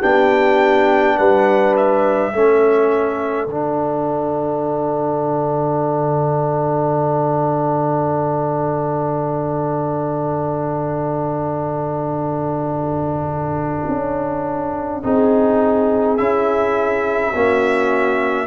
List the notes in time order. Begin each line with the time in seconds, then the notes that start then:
0.00 B3 D4 G4 G5
1.18 G3 B4 F#5
1.76 E5
2.33 A3 C#4 A4
3.46 D3 D4 F#5
13.88 C#4
15.03 C4 D#4 G#4
16.17 C#4 E4 E5
17.34 A#3 C#4 F#4